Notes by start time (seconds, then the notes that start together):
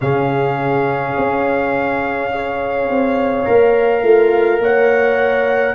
0.01 C#3 C#4 G#4 F5
1.17 C#4
2.31 G#4 C#5
2.88 C4
3.45 A#3 A#4
4.02 A3 F4
4.59 A#3 C#5 F#5